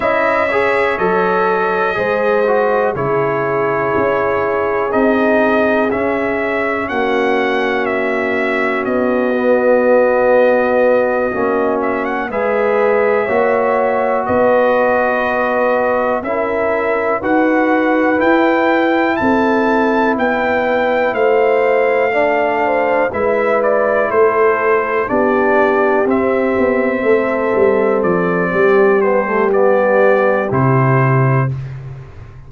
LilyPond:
<<
  \new Staff \with { instrumentName = "trumpet" } { \time 4/4 \tempo 4 = 61 e''4 dis''2 cis''4~ | cis''4 dis''4 e''4 fis''4 | e''4 dis''2. | e''16 fis''16 e''2 dis''4.~ |
dis''8 e''4 fis''4 g''4 a''8~ | a''8 g''4 f''2 e''8 | d''8 c''4 d''4 e''4.~ | e''8 d''4 c''8 d''4 c''4 | }
  \new Staff \with { instrumentName = "horn" } { \time 4/4 dis''8 cis''4. c''4 gis'4~ | gis'2. fis'4~ | fis'1~ | fis'8 b'4 cis''4 b'4.~ |
b'8 ais'4 b'2 a'8~ | a'8 b'4 c''4 d''8 c''8 b'8~ | b'8 a'4 g'2 a'8~ | a'4 g'2. | }
  \new Staff \with { instrumentName = "trombone" } { \time 4/4 e'8 gis'8 a'4 gis'8 fis'8 e'4~ | e'4 dis'4 cis'2~ | cis'4. b2 cis'8~ | cis'8 gis'4 fis'2~ fis'8~ |
fis'8 e'4 fis'4 e'4.~ | e'2~ e'8 d'4 e'8~ | e'4. d'4 c'4.~ | c'4. b16 a16 b4 e'4 | }
  \new Staff \with { instrumentName = "tuba" } { \time 4/4 cis'4 fis4 gis4 cis4 | cis'4 c'4 cis'4 ais4~ | ais4 b2~ b8 ais8~ | ais8 gis4 ais4 b4.~ |
b8 cis'4 dis'4 e'4 c'8~ | c'8 b4 a2 gis8~ | gis8 a4 b4 c'8 b8 a8 | g8 f8 g2 c4 | }
>>